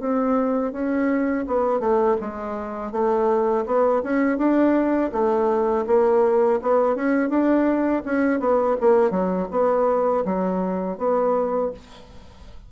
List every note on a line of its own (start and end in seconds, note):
0.00 0.72 C4
0.72 1.45 C#4
1.47 1.80 B3
1.80 2.17 A3
2.21 2.92 G#3
2.92 3.65 A3
3.66 4.02 B3
4.03 4.38 C#4
4.38 5.11 D4
5.13 5.86 A3
5.87 6.60 A#3
6.62 6.95 B3
6.95 7.30 C#4
7.30 8.03 D4
8.05 8.40 C#4
8.40 8.77 B3
8.81 9.11 A#3
9.11 9.48 F#3
9.51 10.24 B3
10.25 10.98 F#3
10.98 11.71 B3